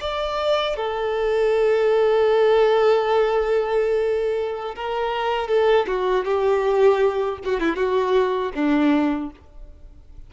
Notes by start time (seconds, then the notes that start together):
0.00 D5
0.76 A4
4.75 A#4
5.48 A4
5.87 F#4
6.24 G4
7.44 F#4
7.59 E4
7.76 F#4
8.54 D4